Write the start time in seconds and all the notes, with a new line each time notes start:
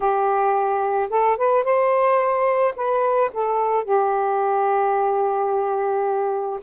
0.00 G4
1.09 A4
1.37 B4
1.64 C5
2.75 B4
3.33 A4
3.84 G4